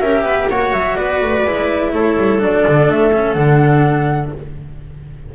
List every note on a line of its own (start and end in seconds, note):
0.00 0.23 C#4
0.00 0.51 G4
0.00 0.24 A#4
0.00 0.48 E5
0.23 0.47 B3
0.23 0.48 B4
0.49 0.72 A#3
0.49 1.46 F#4
0.49 0.96 C#5
0.49 0.73 F#5
0.72 0.96 F#3
0.72 0.96 E5
0.96 1.21 B3
0.96 1.92 B4
0.96 1.92 D5
1.21 1.44 A3
1.44 1.92 G#3
1.44 2.38 E4
1.92 2.16 A3
1.92 4.34 A4
1.92 2.41 C#5
2.17 2.41 G3
2.38 2.65 F#3
2.38 3.10 D4
2.38 2.90 D5
2.67 2.89 D3
2.89 3.35 A3
2.89 3.33 E5
3.13 3.36 C#4
3.33 4.31 D3
3.33 4.32 D4
3.33 4.29 F#5